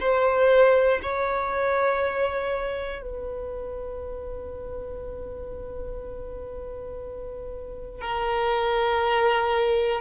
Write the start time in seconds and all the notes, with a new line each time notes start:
0.00 C5
1.02 C#5
3.02 B4
8.00 A#4